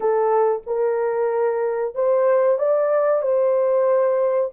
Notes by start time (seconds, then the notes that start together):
0.00 A4
0.66 A#4
1.94 C5
2.58 D5
3.21 C5